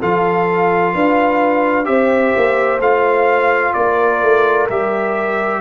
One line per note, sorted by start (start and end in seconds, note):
0.00 0.95 F3
0.00 1.85 F4
0.00 0.94 A4
0.00 1.85 F5
0.94 1.87 D4
0.94 1.87 B4
1.85 2.34 C4
1.85 2.78 G4
1.85 3.76 C5
1.85 2.79 E5
2.36 2.79 A#3
2.79 3.73 A3
2.79 4.69 F4
2.79 3.73 F5
3.73 4.22 A#3
3.73 5.60 A#4
3.73 4.67 D5
4.22 4.69 A3
4.69 5.60 G3
4.69 5.60 G4
4.69 5.60 E5